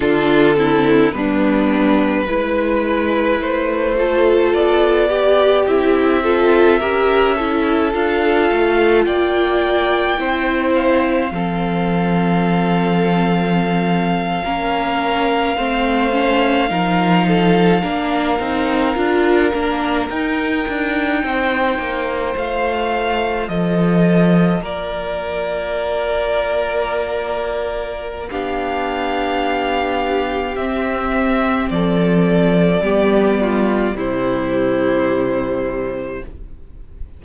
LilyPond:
<<
  \new Staff \with { instrumentName = "violin" } { \time 4/4 \tempo 4 = 53 a'4 b'2 c''4 | d''4 e''2 f''4 | g''4. f''2~ f''8~ | f''1~ |
f''4.~ f''16 g''2 f''16~ | f''8. dis''4 d''2~ d''16~ | d''4 f''2 e''4 | d''2 c''2 | }
  \new Staff \with { instrumentName = "violin" } { \time 4/4 f'8 e'8 d'4 b'4. a'8~ | a'8 g'4 a'8 ais'8 a'4. | d''4 c''4 a'2~ | a'8. ais'4 c''4 ais'8 a'8 ais'16~ |
ais'2~ ais'8. c''4~ c''16~ | c''8. a'4 ais'2~ ais'16~ | ais'4 g'2. | a'4 g'8 f'8 e'2 | }
  \new Staff \with { instrumentName = "viola" } { \time 4/4 d'8 c'8 b4 e'4. f'8~ | f'8 g'8 e'8 f'8 g'8 e'8 f'4~ | f'4 e'4 c'2~ | c'8. cis'4 c'8 cis'8 dis'4 d'16~ |
d'16 dis'8 f'8 d'8 dis'2 f'16~ | f'1~ | f'4 d'2 c'4~ | c'4 b4 g2 | }
  \new Staff \with { instrumentName = "cello" } { \time 4/4 d4 g4 gis4 a4 | b4 c'4 cis'4 d'8 a8 | ais4 c'4 f2~ | f8. ais4 a4 f4 ais16~ |
ais16 c'8 d'8 ais8 dis'8 d'8 c'8 ais8 a16~ | a8. f4 ais2~ ais16~ | ais4 b2 c'4 | f4 g4 c2 | }
>>